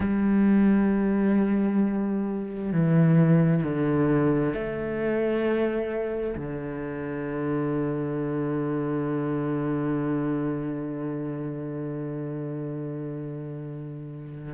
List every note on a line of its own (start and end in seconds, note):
0.00 2.72 G3
2.72 3.63 E3
3.63 4.53 D3
4.53 6.35 A3
6.36 14.53 D3